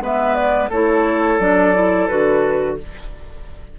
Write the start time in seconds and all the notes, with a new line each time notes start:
0.00 G#3 B3 B4 E5
0.35 D5
0.70 A3 E4 A4 C#5
1.39 F#3 D4 D5
1.74 E4
2.07 D3 F#4 B4